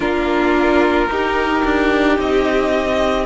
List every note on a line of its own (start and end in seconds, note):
0.00 1.08 A#3
0.00 1.09 D4
0.00 1.09 F4
0.00 2.17 A#4
1.08 1.62 D#4
1.08 3.26 D#4
1.08 3.26 G4
1.65 2.18 D4
2.18 3.26 C4
2.18 3.26 D#5